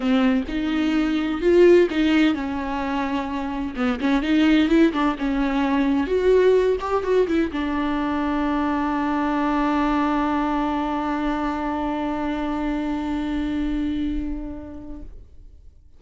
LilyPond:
\new Staff \with { instrumentName = "viola" } { \time 4/4 \tempo 4 = 128 c'4 dis'2 f'4 | dis'4 cis'2. | b8 cis'8 dis'4 e'8 d'8 cis'4~ | cis'4 fis'4. g'8 fis'8 e'8 |
d'1~ | d'1~ | d'1~ | d'1 | }